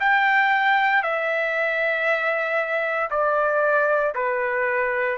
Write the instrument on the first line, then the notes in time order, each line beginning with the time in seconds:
trumpet
0.00 G5
1.03 E5
3.10 D5
4.15 B4